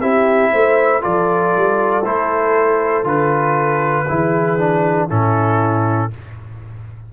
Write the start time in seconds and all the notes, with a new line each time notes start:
0.00 C4 E4 G4 E5
0.52 A3 C5
1.01 F3 F4 A4 D5
1.57 G3
2.05 A3 E4 C5
3.04 D3 F4 B4
4.07 E3 E4 G#4
4.58 D4
5.08 A2 C#4 E4 A4